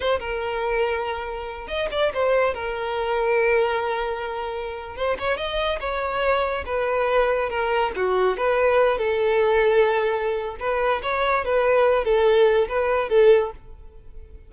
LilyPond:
\new Staff \with { instrumentName = "violin" } { \time 4/4 \tempo 4 = 142 c''8 ais'2.~ ais'8 | dis''8 d''8 c''4 ais'2~ | ais'2.~ ais'8. c''16~ | c''16 cis''8 dis''4 cis''2 b'16~ |
b'4.~ b'16 ais'4 fis'4 b'16~ | b'4~ b'16 a'2~ a'8.~ | a'4 b'4 cis''4 b'4~ | b'8 a'4. b'4 a'4 | }